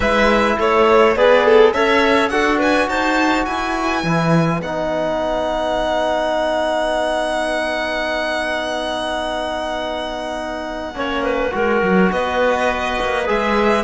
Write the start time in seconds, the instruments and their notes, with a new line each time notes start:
0.00 cello G#3, trombone E4, clarinet B4, violin E5
0.58 cello A3, clarinet A4, violin C#5
1.15 cello B3, trombone G#4, violin B4, clarinet D5
1.45 violin A4
1.73 cello C#4, trombone A4, clarinet C#5, violin E5
2.28 cello D4, trombone F#4, clarinet A4, violin F#5
2.59 clarinet B4, violin G#5
2.88 cello D#4, clarinet C5, violin A5
3.45 cello E4, clarinet B4, violin G#5
4.03 cello E3, trombone E4
4.59 cello B3, trombone D#4, violin F#5
10.94 cello A#3, trombone C#4, clarinet C#5
11.24 clarinet B4
11.51 cello G#3, trombone F#4, clarinet A#4
11.82 cello F#3
12.11 cello B3, clarinet B4, violin D#5
13.01 cello A#3
13.26 cello G#3, trombone G#4, violin E5